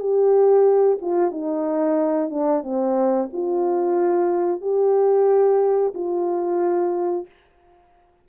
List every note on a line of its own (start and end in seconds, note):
0.00 0.99 G4
1.02 1.32 F4
1.32 2.30 D#4
2.30 2.63 D4
2.63 3.29 C4
3.33 4.62 F4
4.62 5.93 G4
5.95 7.27 F4